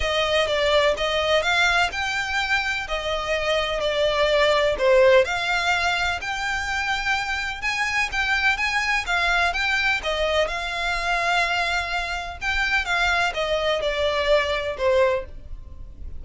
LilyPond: \new Staff \with { instrumentName = "violin" } { \time 4/4 \tempo 4 = 126 dis''4 d''4 dis''4 f''4 | g''2 dis''2 | d''2 c''4 f''4~ | f''4 g''2. |
gis''4 g''4 gis''4 f''4 | g''4 dis''4 f''2~ | f''2 g''4 f''4 | dis''4 d''2 c''4 | }